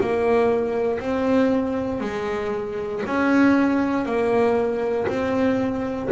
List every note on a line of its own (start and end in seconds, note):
0.00 0.99 A#3
0.99 2.00 C4
2.00 3.02 G#3
3.06 4.05 C#4
4.05 5.07 A#3
5.07 6.09 C4